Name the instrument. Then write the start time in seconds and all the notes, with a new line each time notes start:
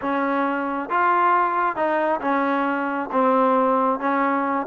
trombone
0.01 C#4
0.89 F4
1.76 D#4
2.20 C#4
3.12 C4
3.99 C#4